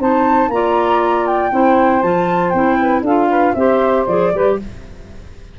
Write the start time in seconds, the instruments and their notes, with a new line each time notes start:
0.00 tuba C4, clarinet D#4, saxophone C5, flute A5
0.49 tuba A#3, clarinet F4, saxophone D5, flute A#5
1.27 flute G5
1.51 tuba C4, clarinet E4, saxophone C5
2.03 tuba F3, clarinet F4, flute A5
2.51 tuba C4, clarinet E4, flute G5
2.79 saxophone B4
3.02 tuba D4, clarinet F4, saxophone A4, flute F5
3.30 saxophone B4
3.55 tuba C4, clarinet G4, saxophone C5, flute E5
4.07 tuba F3, clarinet G#4, flute D5
4.34 tuba G3, clarinet G4, saxophone B4